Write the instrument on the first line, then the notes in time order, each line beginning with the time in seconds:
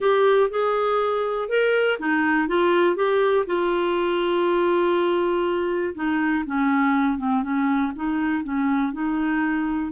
clarinet
0.00 G4
0.50 G#4
1.49 A#4
1.99 D#4
2.48 F4
2.96 G4
3.46 F4
5.95 D#4
6.46 C#4
7.17 C4
7.42 C#4
7.95 D#4
8.43 C#4
8.93 D#4